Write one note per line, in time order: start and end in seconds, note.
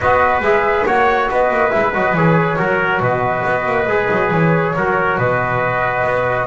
0.00 0.40 B3
0.00 0.43 F#4
0.00 0.86 B4
0.00 0.41 D#5
0.40 0.83 G#3
0.40 0.86 G#4
0.40 0.86 E5
0.85 1.29 A#3
0.85 1.71 F#4
0.85 1.29 C#5
0.85 1.30 F#5
1.30 1.50 B3
1.30 2.57 B4
1.30 1.70 D#5
1.50 1.72 A#3
1.70 1.94 G#3
1.70 1.92 E4
1.70 1.92 E5
1.93 2.13 F#3
1.93 2.15 F#4
1.93 2.14 D#5
2.13 2.56 E3
2.13 2.57 G#4
2.13 3.01 C#5
2.57 2.99 F#3
2.57 3.87 F#4
2.57 3.01 A#4
2.99 3.43 B2
2.99 4.75 B4
2.99 4.31 D#5
3.44 3.66 B3
3.66 3.87 A#3
3.87 4.08 G#3
3.87 4.75 G#4
4.11 4.30 F#3
4.30 4.74 E3
4.30 5.18 C#5
4.76 5.18 F#3
4.76 6.47 F#4
4.76 5.18 A#4
5.18 6.04 B2
5.18 6.47 B4
5.18 6.47 D#5
6.04 6.47 B3